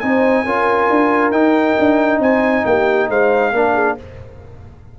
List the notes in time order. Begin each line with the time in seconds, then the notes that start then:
0.00 C4 D#4 C5 G#5
0.45 C#4 F4 A#4
0.90 D4
1.31 D#4 G5
1.79 D4
2.20 C4 C5 G#5
2.66 A#3 G4 G5
3.09 G#3 C5 F5
3.53 A#3 D4 A#4
3.74 G#4